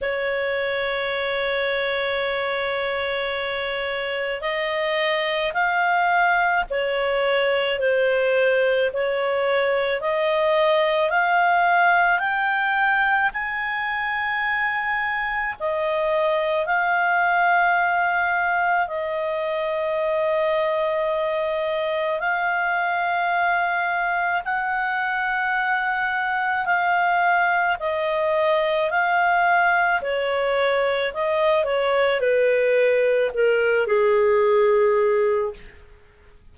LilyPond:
\new Staff \with { instrumentName = "clarinet" } { \time 4/4 \tempo 4 = 54 cis''1 | dis''4 f''4 cis''4 c''4 | cis''4 dis''4 f''4 g''4 | gis''2 dis''4 f''4~ |
f''4 dis''2. | f''2 fis''2 | f''4 dis''4 f''4 cis''4 | dis''8 cis''8 b'4 ais'8 gis'4. | }